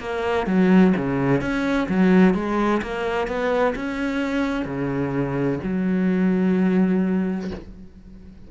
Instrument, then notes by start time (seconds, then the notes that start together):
cello
0.00 A#3
0.47 F#3
0.97 C#3
1.41 C#4
1.89 F#3
2.34 G#3
2.82 A#3
3.28 B3
3.75 C#4
4.65 C#3
5.63 F#3